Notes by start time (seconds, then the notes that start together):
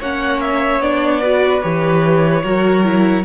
0.00 A#3 C#4 C#5 F#5
0.41 E5
0.81 B3 D4 D5
1.21 F#4 B4
1.62 E3 G4 C#5
2.43 F#3 F#4 A#4
2.84 E4